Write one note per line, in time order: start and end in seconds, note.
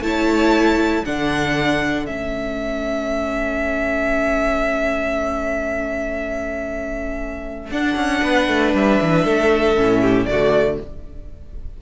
0.00 1.03 A3
0.00 1.05 E4
0.00 1.06 C#5
0.00 1.05 A5
1.05 2.09 D3
1.05 2.06 D4
1.05 8.22 A4
1.05 2.06 F#5
2.06 7.71 A3
2.06 7.70 C#4
2.06 7.70 E5
7.71 7.96 D4
7.71 9.76 D4
7.71 8.74 F#5
7.96 8.21 C#4
8.22 8.48 B3
8.22 9.24 B4
8.48 8.73 A3
8.74 8.99 G3
8.74 10.26 E5
9.01 9.25 E3
9.24 9.77 A3
9.24 10.01 A4
9.76 10.26 A2
9.76 10.28 C#4
10.01 10.27 G4
10.26 10.78 D3
10.26 10.82 A3
10.26 10.81 F#4
10.26 10.77 D5